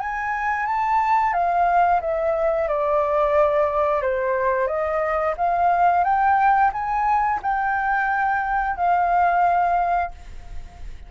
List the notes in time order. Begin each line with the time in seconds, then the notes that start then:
0.00 G#5
0.66 A5
1.33 F5
2.01 E5
2.68 D5
4.02 C5
4.67 D#5
5.37 F5
6.04 G5
6.73 G#5
7.42 G5
8.76 F5